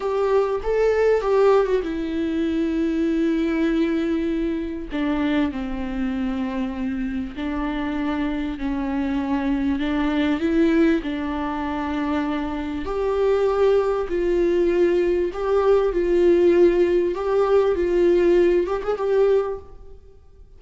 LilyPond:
\new Staff \with { instrumentName = "viola" } { \time 4/4 \tempo 4 = 98 g'4 a'4 g'8. fis'16 e'4~ | e'1 | d'4 c'2. | d'2 cis'2 |
d'4 e'4 d'2~ | d'4 g'2 f'4~ | f'4 g'4 f'2 | g'4 f'4. g'16 gis'16 g'4 | }